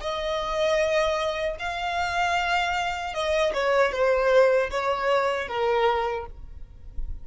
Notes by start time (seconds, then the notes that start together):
0.00 D#5
1.59 F5
3.13 D#5
3.53 C#5
3.92 C5
4.70 C#5
5.48 A#4